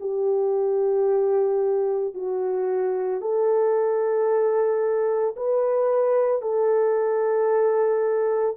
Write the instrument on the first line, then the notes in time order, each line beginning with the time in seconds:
horn
0.00 G4
2.14 F#4
3.21 A4
5.36 B4
6.42 A4